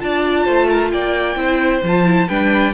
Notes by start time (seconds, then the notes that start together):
0.00 D4 F4 D5 A5
0.45 A3 C5
0.69 A#4
0.91 A#3 D5 G5
1.36 C4 E4 C5
1.83 F3 F4 A5
2.06 E4
2.28 G3 D4 B4 G5